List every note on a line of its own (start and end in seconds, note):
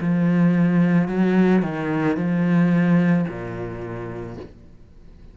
0.00 1.08 F3
1.08 1.62 F#3
1.62 2.16 D#3
2.16 3.25 F3
3.27 4.36 A#2